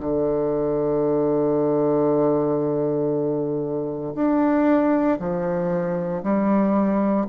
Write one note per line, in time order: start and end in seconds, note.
0.00 4.14 D3
4.15 5.18 D4
5.19 6.23 F3
6.23 7.26 G3